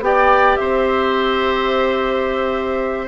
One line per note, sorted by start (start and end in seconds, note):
0.00 0.56 B3
0.00 3.07 G4
0.00 0.59 D5
0.00 0.55 G5
0.55 3.07 C4
0.55 3.07 C5
0.55 3.07 E5